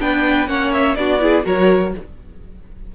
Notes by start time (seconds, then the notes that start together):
0.00 B3 D4 B4 G5
0.47 A#3 C#4 C#5 F#5
0.73 E5
0.95 B3 D4 F#4 D5
1.20 E4 G#4
1.44 F#3 F#4 A#4 C#5